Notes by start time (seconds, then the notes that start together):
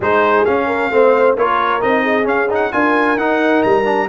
0.00 G#3 D#4 G#4 C5
0.45 C#4 F5
0.67 A#4
0.90 A3 C4 C5
1.37 A#3 F4 A#4 C#5
1.80 C4 D#4 D#5
2.02 G#4
2.23 C#4 F5
2.49 D#4 F#5
2.72 D4 F4 A#4 G#5
3.16 D#4 F#5
3.62 G3 A#5
3.84 D4